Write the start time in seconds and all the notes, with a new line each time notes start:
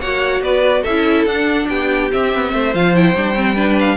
0.00 A#3 F#4 C#5 F#5
0.40 B3 B4 D5
0.82 C#4 A4 E5
0.89 E4
1.26 D4 F#5
1.69 B3 G4 G5
2.10 C4 E5
2.34 B3
2.52 A3 C5
2.74 F3 F4 F5
2.94 E4 G5
3.15 G3 D4
3.34 C4
3.55 D4 B4
3.80 F5